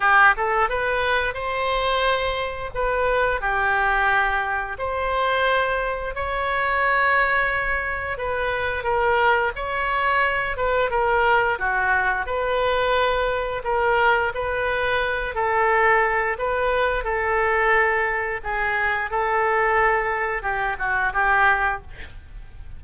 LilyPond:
\new Staff \with { instrumentName = "oboe" } { \time 4/4 \tempo 4 = 88 g'8 a'8 b'4 c''2 | b'4 g'2 c''4~ | c''4 cis''2. | b'4 ais'4 cis''4. b'8 |
ais'4 fis'4 b'2 | ais'4 b'4. a'4. | b'4 a'2 gis'4 | a'2 g'8 fis'8 g'4 | }